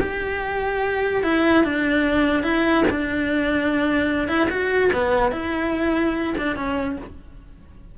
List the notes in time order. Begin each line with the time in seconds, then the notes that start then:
0.00 G4
1.23 E4
1.63 D4
2.43 E4
2.90 D4
4.28 E4
4.50 F#4
4.93 B3
5.31 E4
6.37 D4
6.56 C#4